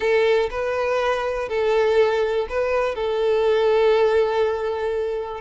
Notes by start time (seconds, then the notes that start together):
0.00 A4
0.50 B4
1.48 A4
2.49 B4
2.95 A4